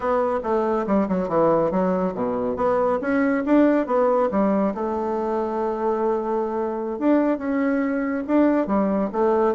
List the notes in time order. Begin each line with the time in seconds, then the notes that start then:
0.00 B3
0.43 A3
0.86 G3
1.08 F#3
1.28 E3
1.71 F#3
2.14 B2
2.56 B3
3.01 C#4
3.45 D4
3.86 B3
4.31 G3
4.74 A3
6.99 D4
7.38 C#4
8.27 D4
8.66 G3
9.12 A3